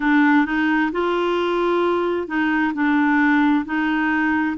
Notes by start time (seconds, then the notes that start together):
0.00 D4
0.45 D#4
0.91 F4
2.27 D#4
2.74 D4
3.65 D#4